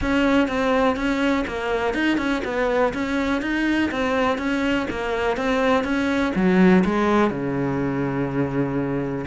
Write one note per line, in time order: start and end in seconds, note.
0.01 0.47 C#4
0.47 0.95 C4
0.95 1.44 C#4
1.47 1.94 A#3
1.94 2.17 D#4
2.17 2.41 C#4
2.44 2.93 B3
2.93 3.41 C#4
3.41 3.90 D#4
3.91 4.38 C4
4.38 4.86 C#4
4.90 5.37 A#3
5.37 5.83 C4
5.83 6.32 C#4
6.35 6.84 F#3
6.84 7.30 G#3
7.30 9.25 C#3